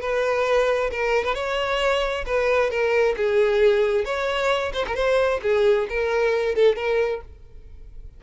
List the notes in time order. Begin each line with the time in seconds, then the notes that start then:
0.00 B4
0.90 A#4
1.24 B4
1.34 C#5
2.26 B4
2.70 A#4
3.17 G#4
4.05 C#5
4.74 C5
4.87 A#4
4.95 C5
5.42 G#4
5.89 A#4
6.55 A4
6.76 A#4